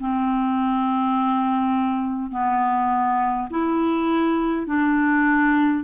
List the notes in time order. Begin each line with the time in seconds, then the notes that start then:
0.00 C4
2.32 B3
3.50 E4
4.67 D4